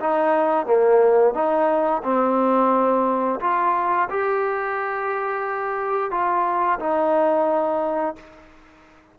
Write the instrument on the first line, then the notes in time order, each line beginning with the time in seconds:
trombone
0.00 D#4
0.66 A#3
1.34 D#4
2.03 C4
3.40 F4
4.10 G4
6.11 F4
6.79 D#4